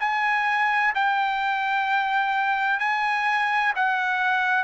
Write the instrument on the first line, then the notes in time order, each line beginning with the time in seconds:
trumpet
0.00 G#5
0.95 G5
2.80 G#5
3.76 F#5